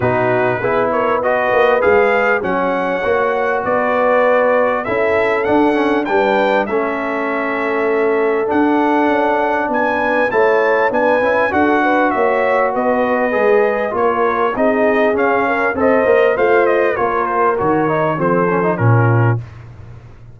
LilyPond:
<<
  \new Staff \with { instrumentName = "trumpet" } { \time 4/4 \tempo 4 = 99 b'4. cis''8 dis''4 f''4 | fis''2 d''2 | e''4 fis''4 g''4 e''4~ | e''2 fis''2 |
gis''4 a''4 gis''4 fis''4 | e''4 dis''2 cis''4 | dis''4 f''4 dis''4 f''8 dis''8 | cis''8 c''8 cis''4 c''4 ais'4 | }
  \new Staff \with { instrumentName = "horn" } { \time 4/4 fis'4 gis'8 ais'8 b'2 | cis''2 b'2 | a'2 b'4 a'4~ | a'1 |
b'4 cis''4 b'4 a'8 b'8 | cis''4 b'2 ais'4 | gis'4. ais'8 c''4 f'4 | ais'2 a'4 f'4 | }
  \new Staff \with { instrumentName = "trombone" } { \time 4/4 dis'4 e'4 fis'4 gis'4 | cis'4 fis'2. | e'4 d'8 cis'8 d'4 cis'4~ | cis'2 d'2~ |
d'4 e'4 d'8 e'8 fis'4~ | fis'2 gis'4 f'4 | dis'4 cis'4 a'8 ais'8 c''4 | f'4 fis'8 dis'8 c'8 cis'16 dis'16 cis'4 | }
  \new Staff \with { instrumentName = "tuba" } { \time 4/4 b,4 b4. ais8 gis4 | fis4 ais4 b2 | cis'4 d'4 g4 a4~ | a2 d'4 cis'4 |
b4 a4 b8 cis'8 d'4 | ais4 b4 gis4 ais4 | c'4 cis'4 c'8 ais8 a4 | ais4 dis4 f4 ais,4 | }
>>